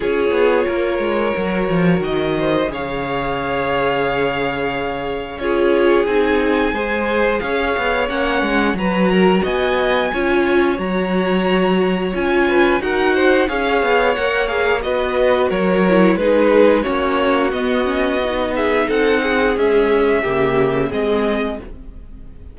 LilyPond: <<
  \new Staff \with { instrumentName = "violin" } { \time 4/4 \tempo 4 = 89 cis''2. dis''4 | f''1 | cis''4 gis''2 f''4 | fis''4 ais''4 gis''2 |
ais''2 gis''4 fis''4 | f''4 fis''8 f''8 dis''4 cis''4 | b'4 cis''4 dis''4. e''8 | fis''4 e''2 dis''4 | }
  \new Staff \with { instrumentName = "violin" } { \time 4/4 gis'4 ais'2~ ais'8 c''8 | cis''1 | gis'2 c''4 cis''4~ | cis''4 b'8 ais'8 dis''4 cis''4~ |
cis''2~ cis''8 b'8 ais'8 c''8 | cis''2 b'4 ais'4 | gis'4 fis'2~ fis'8 gis'8 | a'8 gis'4. g'4 gis'4 | }
  \new Staff \with { instrumentName = "viola" } { \time 4/4 f'2 fis'2 | gis'1 | f'4 dis'4 gis'2 | cis'4 fis'2 f'4 |
fis'2 f'4 fis'4 | gis'4 ais'8 gis'8 fis'4. e'8 | dis'4 cis'4 b8 cis'8 dis'4~ | dis'4 gis4 ais4 c'4 | }
  \new Staff \with { instrumentName = "cello" } { \time 4/4 cis'8 b8 ais8 gis8 fis8 f8 dis4 | cis1 | cis'4 c'4 gis4 cis'8 b8 | ais8 gis8 fis4 b4 cis'4 |
fis2 cis'4 dis'4 | cis'8 b8 ais4 b4 fis4 | gis4 ais4 b2 | c'4 cis'4 cis4 gis4 | }
>>